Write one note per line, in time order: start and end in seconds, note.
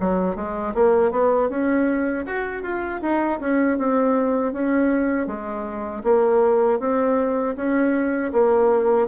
0.00 0.36 F#3
0.36 0.74 G#3
0.75 1.11 A#3
1.11 1.49 B3
1.49 2.25 C#4
2.26 2.63 F#4
2.63 3.01 F4
3.02 3.40 D#4
3.40 3.78 C#4
3.78 4.53 C4
4.53 5.27 C#4
5.27 6.03 G#3
6.03 6.79 A#3
6.80 7.56 C4
7.56 8.32 C#4
8.32 9.08 A#3